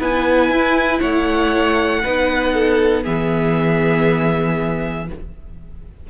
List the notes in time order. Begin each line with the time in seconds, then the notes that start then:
0.00 B3 E4 B4 G#5
0.50 E4
1.00 A3 C#5 F#5
2.04 B3 D#4 B4
2.54 A4
3.04 E3 B3 G#4 E5